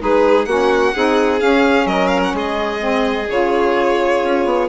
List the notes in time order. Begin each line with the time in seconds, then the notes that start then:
0.00 G#3 D#4 G#4 B4
0.46 A#3 C#4 F#4 F#5
0.95 C4 D#4 G#4
1.40 C#4 F5
1.86 F#3 A#4 D#5
2.08 F5
2.24 F#5
2.34 G#3 G#4 D#5
2.80 C4
3.30 C#3 F4 C#5
4.24 C#4
4.45 B3